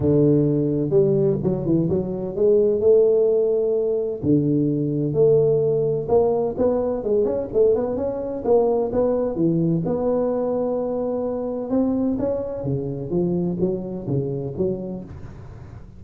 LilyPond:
\new Staff \with { instrumentName = "tuba" } { \time 4/4 \tempo 4 = 128 d2 g4 fis8 e8 | fis4 gis4 a2~ | a4 d2 a4~ | a4 ais4 b4 gis8 cis'8 |
a8 b8 cis'4 ais4 b4 | e4 b2.~ | b4 c'4 cis'4 cis4 | f4 fis4 cis4 fis4 | }